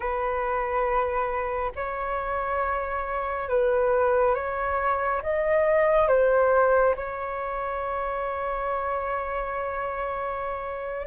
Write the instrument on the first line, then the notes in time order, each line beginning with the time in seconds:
flute
0.00 B4
1.75 C#5
3.48 B4
4.34 C#5
5.22 D#5
6.08 C5
6.96 C#5